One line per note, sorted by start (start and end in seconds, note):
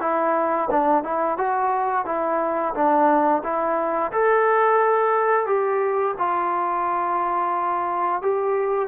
0.00 0.68 E4
0.70 1.03 D4
1.03 1.37 E4
1.37 2.05 F#4
2.05 2.73 E4
2.74 3.42 D4
3.43 4.11 E4
4.12 5.46 A4
5.46 6.14 G4
6.18 8.22 F4
8.22 8.88 G4